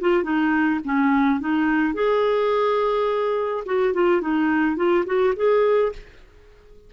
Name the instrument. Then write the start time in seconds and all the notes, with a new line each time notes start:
clarinet
0.00 F4
0.23 D#4
0.84 C#4
1.40 D#4
1.94 G#4
3.65 F#4
3.93 F4
4.21 D#4
4.76 F4
5.06 F#4
5.36 G#4